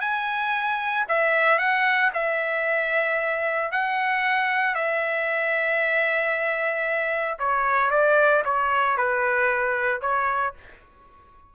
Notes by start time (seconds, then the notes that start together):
0.00 G#5
1.08 E5
1.58 F#5
2.13 E5
3.71 F#5
4.74 E5
7.39 C#5
7.90 D5
8.44 C#5
8.97 B4
10.01 C#5